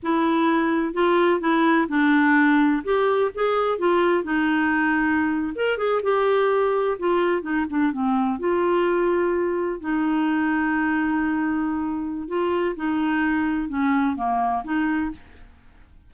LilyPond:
\new Staff \with { instrumentName = "clarinet" } { \time 4/4 \tempo 4 = 127 e'2 f'4 e'4 | d'2 g'4 gis'4 | f'4 dis'2~ dis'8. ais'16~ | ais'16 gis'8 g'2 f'4 dis'16~ |
dis'16 d'8 c'4 f'2~ f'16~ | f'8. dis'2.~ dis'16~ | dis'2 f'4 dis'4~ | dis'4 cis'4 ais4 dis'4 | }